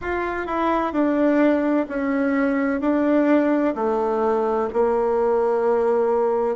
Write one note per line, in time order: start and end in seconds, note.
0.01 0.46 F4
0.46 0.92 E4
0.92 1.86 D4
1.88 2.80 C#4
2.80 3.74 D4
3.75 4.68 A3
4.73 6.55 A#3